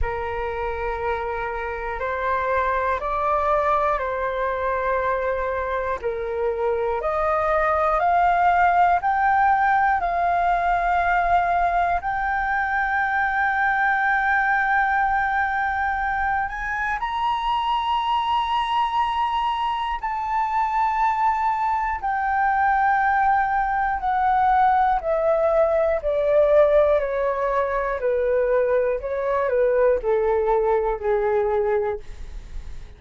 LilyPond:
\new Staff \with { instrumentName = "flute" } { \time 4/4 \tempo 4 = 60 ais'2 c''4 d''4 | c''2 ais'4 dis''4 | f''4 g''4 f''2 | g''1~ |
g''8 gis''8 ais''2. | a''2 g''2 | fis''4 e''4 d''4 cis''4 | b'4 cis''8 b'8 a'4 gis'4 | }